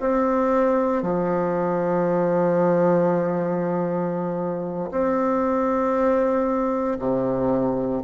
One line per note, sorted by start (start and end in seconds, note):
0.00 1.02 C4
1.02 4.90 F3
4.91 6.98 C4
6.99 8.02 C3